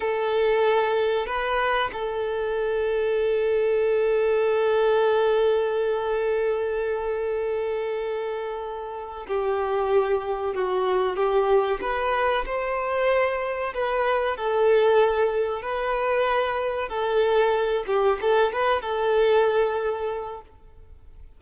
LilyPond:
\new Staff \with { instrumentName = "violin" } { \time 4/4 \tempo 4 = 94 a'2 b'4 a'4~ | a'1~ | a'1~ | a'2~ a'8 g'4.~ |
g'8 fis'4 g'4 b'4 c''8~ | c''4. b'4 a'4.~ | a'8 b'2 a'4. | g'8 a'8 b'8 a'2~ a'8 | }